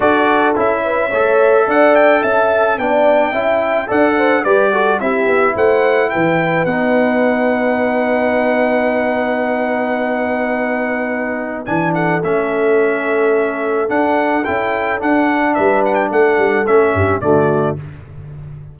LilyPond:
<<
  \new Staff \with { instrumentName = "trumpet" } { \time 4/4 \tempo 4 = 108 d''4 e''2 fis''8 g''8 | a''4 g''2 fis''4 | d''4 e''4 fis''4 g''4 | fis''1~ |
fis''1~ | fis''4 gis''8 fis''8 e''2~ | e''4 fis''4 g''4 fis''4 | e''8 fis''16 g''16 fis''4 e''4 d''4 | }
  \new Staff \with { instrumentName = "horn" } { \time 4/4 a'4. b'8 cis''4 d''4 | e''4 d''4 e''4 d''8 c''8 | b'8 a'8 g'4 c''4 b'4~ | b'1~ |
b'1~ | b'4. a'2~ a'8~ | a'1 | b'4 a'4. g'8 fis'4 | }
  \new Staff \with { instrumentName = "trombone" } { \time 4/4 fis'4 e'4 a'2~ | a'4 d'4 e'4 a'4 | g'8 fis'8 e'2. | dis'1~ |
dis'1~ | dis'4 d'4 cis'2~ | cis'4 d'4 e'4 d'4~ | d'2 cis'4 a4 | }
  \new Staff \with { instrumentName = "tuba" } { \time 4/4 d'4 cis'4 a4 d'4 | cis'4 b4 cis'4 d'4 | g4 c'8 b8 a4 e4 | b1~ |
b1~ | b4 e4 a2~ | a4 d'4 cis'4 d'4 | g4 a8 g8 a8 g,8 d4 | }
>>